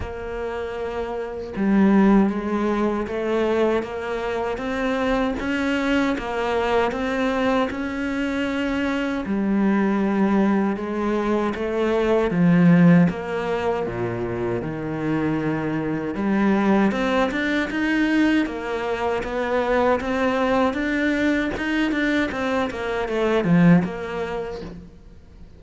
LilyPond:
\new Staff \with { instrumentName = "cello" } { \time 4/4 \tempo 4 = 78 ais2 g4 gis4 | a4 ais4 c'4 cis'4 | ais4 c'4 cis'2 | g2 gis4 a4 |
f4 ais4 ais,4 dis4~ | dis4 g4 c'8 d'8 dis'4 | ais4 b4 c'4 d'4 | dis'8 d'8 c'8 ais8 a8 f8 ais4 | }